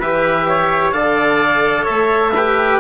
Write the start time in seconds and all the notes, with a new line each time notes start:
0.00 E3 G4 B4 E5
0.48 C#5
0.92 D3 A4 D5 F5
1.83 C#5 E5
1.90 A3
2.35 G4 B4